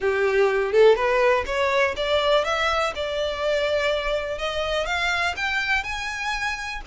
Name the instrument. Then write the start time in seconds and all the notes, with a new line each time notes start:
violin
0.00 G4
0.72 A4
0.95 B4
1.45 C#5
1.96 D5
2.44 E5
2.95 D5
4.38 D#5
4.86 F5
5.36 G5
5.83 G#5